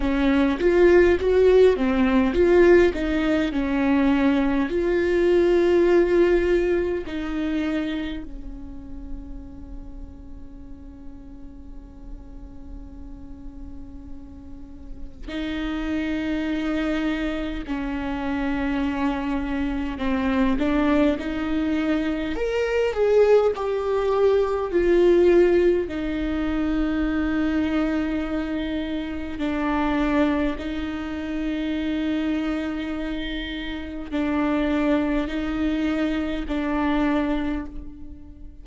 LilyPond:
\new Staff \with { instrumentName = "viola" } { \time 4/4 \tempo 4 = 51 cis'8 f'8 fis'8 c'8 f'8 dis'8 cis'4 | f'2 dis'4 cis'4~ | cis'1~ | cis'4 dis'2 cis'4~ |
cis'4 c'8 d'8 dis'4 ais'8 gis'8 | g'4 f'4 dis'2~ | dis'4 d'4 dis'2~ | dis'4 d'4 dis'4 d'4 | }